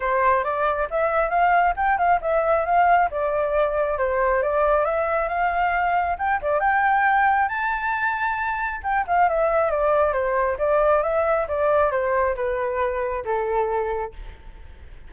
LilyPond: \new Staff \with { instrumentName = "flute" } { \time 4/4 \tempo 4 = 136 c''4 d''4 e''4 f''4 | g''8 f''8 e''4 f''4 d''4~ | d''4 c''4 d''4 e''4 | f''2 g''8 d''8 g''4~ |
g''4 a''2. | g''8 f''8 e''4 d''4 c''4 | d''4 e''4 d''4 c''4 | b'2 a'2 | }